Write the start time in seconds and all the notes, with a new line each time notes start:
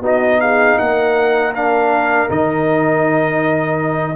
0.00 B3 D#4 F#4 D#5
0.40 G#4 F5
0.78 A#3 A#4 F#5
1.53 D4 F5
2.28 D#3 D#4 D#5